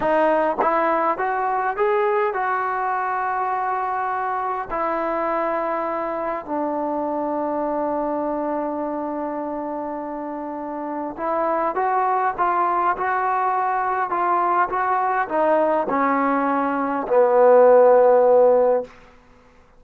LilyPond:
\new Staff \with { instrumentName = "trombone" } { \time 4/4 \tempo 4 = 102 dis'4 e'4 fis'4 gis'4 | fis'1 | e'2. d'4~ | d'1~ |
d'2. e'4 | fis'4 f'4 fis'2 | f'4 fis'4 dis'4 cis'4~ | cis'4 b2. | }